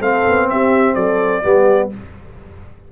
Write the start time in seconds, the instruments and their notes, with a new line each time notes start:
0.00 tuba A3, trombone C4, horn A4, trumpet F5
0.28 tuba B3
0.50 tuba C4, horn G4, trumpet E5
0.94 tuba F#3, horn A4, trumpet D5
1.43 tuba G3, trombone B3, horn G4